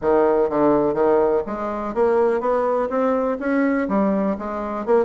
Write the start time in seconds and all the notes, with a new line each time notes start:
0.01 D#3
0.49 D3
0.94 D#3
1.46 G#3
1.94 A#3
2.40 B3
2.89 C4
3.39 C#4
3.88 G3
4.38 G#3
4.85 A#3